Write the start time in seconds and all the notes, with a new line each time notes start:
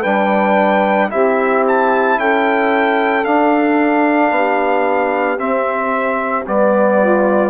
0.00 G3 D4 B4 G5
1.09 C4 E4 G4 E5
1.68 A5
2.17 C#4 A4 G5
3.23 D4 F5
4.30 B3 G4
5.37 C4 E5
6.46 G3 B3 D5
6.99 F4